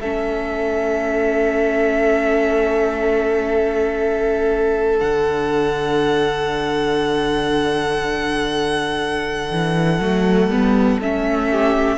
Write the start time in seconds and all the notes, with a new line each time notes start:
0.00 A3 C#4 A4 E5
4.99 D3 D4 F#5
9.51 E3
10.00 F#3 A3
10.47 G3 B3
11.00 A3 C#4 E5
11.50 G4